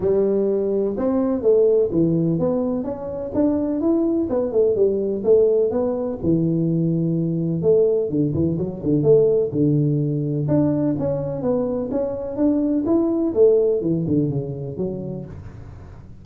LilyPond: \new Staff \with { instrumentName = "tuba" } { \time 4/4 \tempo 4 = 126 g2 c'4 a4 | e4 b4 cis'4 d'4 | e'4 b8 a8 g4 a4 | b4 e2. |
a4 d8 e8 fis8 d8 a4 | d2 d'4 cis'4 | b4 cis'4 d'4 e'4 | a4 e8 d8 cis4 fis4 | }